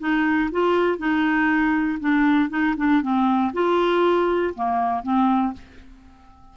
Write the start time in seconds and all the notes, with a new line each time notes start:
0.00 D#4
0.52 F4
0.98 D#4
2.00 D4
2.50 D#4
2.77 D4
3.03 C4
3.53 F4
4.55 A#3
5.03 C4